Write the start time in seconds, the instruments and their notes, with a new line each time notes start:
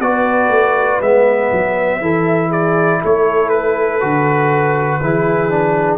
0.00 tuba B3, trombone F#4, horn B4, trumpet D5
0.49 tuba A3
1.01 tuba G#3, trombone B3, trumpet E5
1.52 tuba F#3
2.01 tuba E3, trombone E4, horn A4
2.48 horn G#4, trumpet D5
3.02 tuba A3, horn A4, trumpet C#5
3.49 trumpet B4
4.01 tuba D3, trombone F#4
5.02 tuba E3, trombone E4, horn G#4
5.50 trombone D4